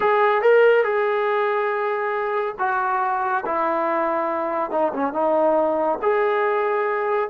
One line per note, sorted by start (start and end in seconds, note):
0.00 0.41 G#4
0.41 0.84 A#4
0.84 2.55 G#4
2.58 3.44 F#4
3.45 4.70 E4
4.70 4.92 D#4
4.93 5.13 C#4
5.13 5.99 D#4
6.02 7.30 G#4